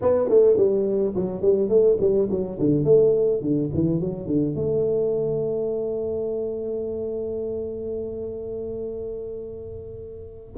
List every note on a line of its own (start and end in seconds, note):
0.01 0.28 B3
0.28 0.56 A3
0.56 1.14 G3
1.15 1.41 F#3
1.41 1.68 G3
1.68 1.97 A3
2.00 2.29 G3
2.30 2.58 F#3
2.59 2.84 D3
2.84 3.41 A3
3.41 3.69 D3
3.74 4.00 E3
4.00 4.26 F#3
4.26 4.55 D3
4.55 10.55 A3